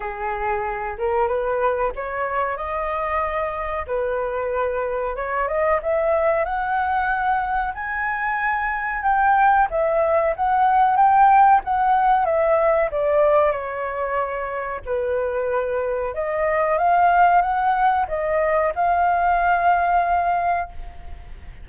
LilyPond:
\new Staff \with { instrumentName = "flute" } { \time 4/4 \tempo 4 = 93 gis'4. ais'8 b'4 cis''4 | dis''2 b'2 | cis''8 dis''8 e''4 fis''2 | gis''2 g''4 e''4 |
fis''4 g''4 fis''4 e''4 | d''4 cis''2 b'4~ | b'4 dis''4 f''4 fis''4 | dis''4 f''2. | }